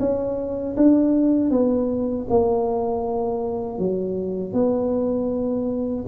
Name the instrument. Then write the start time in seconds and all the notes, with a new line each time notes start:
tuba
0.00 C#4
0.77 D4
1.51 B3
2.30 A#3
3.79 F#3
4.53 B3